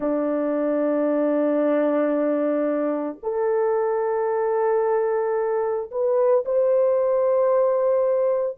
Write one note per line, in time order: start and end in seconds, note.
0.00 3.17 D4
3.22 5.90 A4
5.91 6.44 B4
6.45 8.57 C5